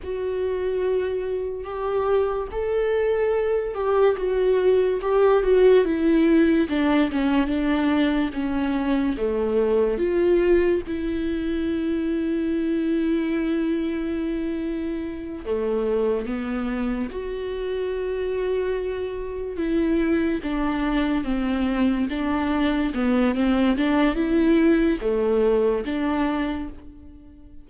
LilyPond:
\new Staff \with { instrumentName = "viola" } { \time 4/4 \tempo 4 = 72 fis'2 g'4 a'4~ | a'8 g'8 fis'4 g'8 fis'8 e'4 | d'8 cis'8 d'4 cis'4 a4 | f'4 e'2.~ |
e'2~ e'8 a4 b8~ | b8 fis'2. e'8~ | e'8 d'4 c'4 d'4 b8 | c'8 d'8 e'4 a4 d'4 | }